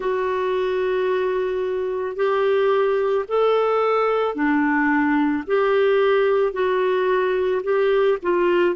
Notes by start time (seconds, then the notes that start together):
0.00 F#4
2.16 G4
3.27 A4
4.34 D4
5.46 G4
6.53 F#4
7.63 G4
8.22 F4